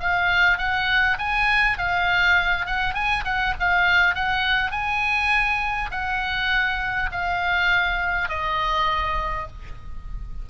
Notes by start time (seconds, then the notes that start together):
0.00 F5
0.58 F#5
1.19 G#5
1.78 F5
2.66 F#5
2.94 G#5
3.24 F#5
3.60 F5
4.15 F#5
4.71 G#5
5.91 F#5
7.12 F5
8.29 D#5